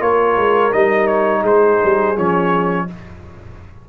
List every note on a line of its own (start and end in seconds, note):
0.00 0.37 A#3
0.00 0.71 F4
0.00 1.41 A#4
0.00 0.73 C#5
0.37 0.72 G#3
0.72 1.43 G3
0.72 2.15 D#4
0.72 1.07 D#5
1.07 1.43 C#5
1.41 1.79 G#3
1.41 2.84 G#4
1.41 2.18 C5
1.84 2.17 G3
2.16 2.88 F3
2.16 2.87 C#4
2.16 2.89 C#5